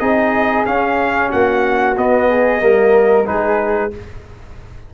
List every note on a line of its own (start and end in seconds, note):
0.00 0.65 C4
0.00 0.65 D#4
0.00 1.30 G#4
0.00 0.65 D#5
0.65 1.96 C#4
0.65 1.31 C#4
0.65 1.31 F5
1.30 1.97 A#3
1.30 2.28 F#4
1.30 1.97 F#5
1.97 2.60 B3
1.97 2.62 B3
1.97 3.26 D#5
2.29 2.62 G#4
2.60 3.27 G3
2.60 3.25 A#3
2.60 3.28 A#4
3.26 3.94 G#3
3.26 3.91 D#4
3.26 3.93 G#4
3.26 3.92 B4